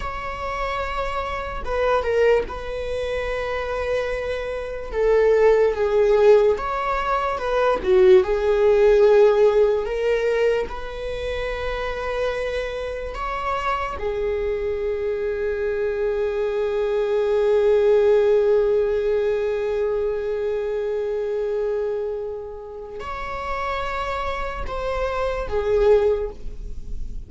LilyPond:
\new Staff \with { instrumentName = "viola" } { \time 4/4 \tempo 4 = 73 cis''2 b'8 ais'8 b'4~ | b'2 a'4 gis'4 | cis''4 b'8 fis'8 gis'2 | ais'4 b'2. |
cis''4 gis'2.~ | gis'1~ | gis'1 | cis''2 c''4 gis'4 | }